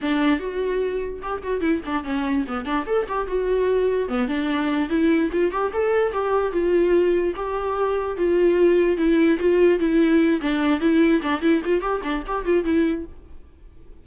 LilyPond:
\new Staff \with { instrumentName = "viola" } { \time 4/4 \tempo 4 = 147 d'4 fis'2 g'8 fis'8 | e'8 d'8 cis'4 b8 d'8 a'8 g'8 | fis'2 b8 d'4. | e'4 f'8 g'8 a'4 g'4 |
f'2 g'2 | f'2 e'4 f'4 | e'4. d'4 e'4 d'8 | e'8 f'8 g'8 d'8 g'8 f'8 e'4 | }